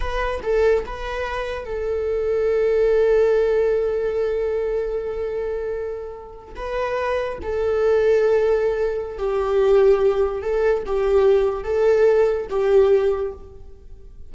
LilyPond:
\new Staff \with { instrumentName = "viola" } { \time 4/4 \tempo 4 = 144 b'4 a'4 b'2 | a'1~ | a'1~ | a'2.~ a'8. b'16~ |
b'4.~ b'16 a'2~ a'16~ | a'2 g'2~ | g'4 a'4 g'2 | a'2 g'2 | }